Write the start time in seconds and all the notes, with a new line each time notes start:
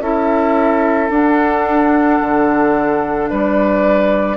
0.00 C#4 E4 A4 E5
1.09 D4 F#5
2.21 D3
3.29 G3 B4 D5